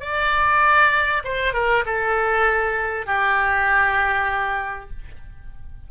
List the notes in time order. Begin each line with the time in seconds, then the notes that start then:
0.00 D5
1.24 C5
1.53 A#4
1.86 A4
3.06 G4